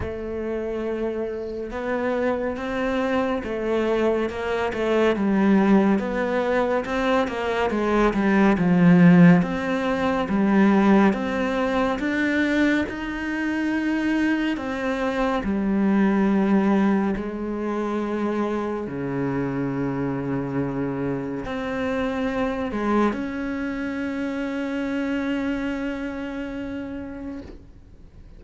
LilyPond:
\new Staff \with { instrumentName = "cello" } { \time 4/4 \tempo 4 = 70 a2 b4 c'4 | a4 ais8 a8 g4 b4 | c'8 ais8 gis8 g8 f4 c'4 | g4 c'4 d'4 dis'4~ |
dis'4 c'4 g2 | gis2 cis2~ | cis4 c'4. gis8 cis'4~ | cis'1 | }